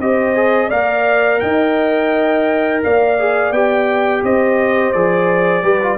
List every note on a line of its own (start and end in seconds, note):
0.00 0.71 C4
0.00 0.36 G4
0.00 0.69 C5
0.00 0.71 D#5
0.36 0.71 G#4
0.69 1.42 A#3
0.69 3.19 A#4
0.69 1.39 D5
0.69 1.40 F5
1.40 2.84 D#4
1.40 2.84 D#5
1.40 2.81 G5
2.84 3.52 A#3
2.84 4.24 D5
2.84 3.53 F5
3.19 3.54 G#4
3.52 4.22 B3
3.52 4.95 G4
3.52 4.24 G5
4.24 4.94 C4
4.24 5.64 C5
4.24 4.93 D#5
4.93 5.63 F3
4.93 5.63 G#4
4.93 5.98 D5
5.63 5.98 G3
5.63 5.81 G4
5.63 5.98 B4
5.83 5.98 F4